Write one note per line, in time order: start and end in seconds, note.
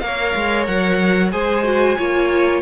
0.00 0.34 A#3
0.00 1.32 A#4
0.00 1.32 C#5
0.00 0.65 F5
0.35 0.68 G#3
0.66 1.33 F#3
0.66 1.31 F#5
1.32 1.98 G#3
1.32 1.64 G#4
1.32 1.97 C5
1.32 2.62 G#5
1.64 1.96 F#4
1.97 2.62 A#3
1.97 2.62 F4
1.97 2.62 C#5